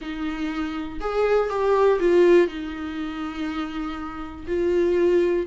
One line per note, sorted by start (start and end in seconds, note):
0.01 1.00 D#4
1.00 1.49 G#4
1.49 1.99 G4
1.99 2.47 F4
2.47 4.46 D#4
4.47 5.46 F4